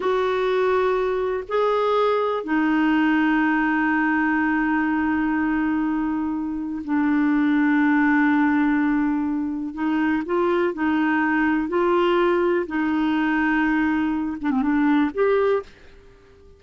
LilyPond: \new Staff \with { instrumentName = "clarinet" } { \time 4/4 \tempo 4 = 123 fis'2. gis'4~ | gis'4 dis'2.~ | dis'1~ | dis'2 d'2~ |
d'1 | dis'4 f'4 dis'2 | f'2 dis'2~ | dis'4. d'16 c'16 d'4 g'4 | }